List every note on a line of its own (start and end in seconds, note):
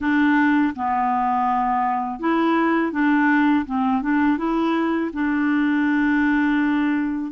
0.00 0.74 D4
0.75 2.20 B3
2.20 2.92 E4
2.92 3.65 D4
3.65 4.02 C4
4.02 4.37 D4
4.37 5.10 E4
5.13 7.32 D4